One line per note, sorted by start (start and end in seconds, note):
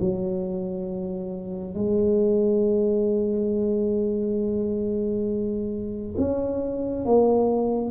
0.00 1.74 F#3
1.74 6.16 G#3
6.18 7.05 C#4
7.05 7.91 A#3